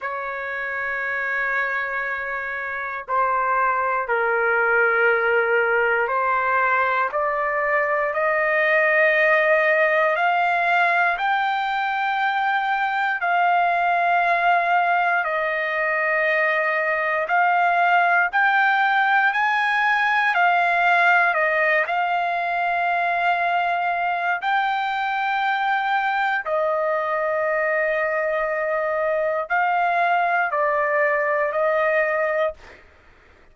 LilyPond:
\new Staff \with { instrumentName = "trumpet" } { \time 4/4 \tempo 4 = 59 cis''2. c''4 | ais'2 c''4 d''4 | dis''2 f''4 g''4~ | g''4 f''2 dis''4~ |
dis''4 f''4 g''4 gis''4 | f''4 dis''8 f''2~ f''8 | g''2 dis''2~ | dis''4 f''4 d''4 dis''4 | }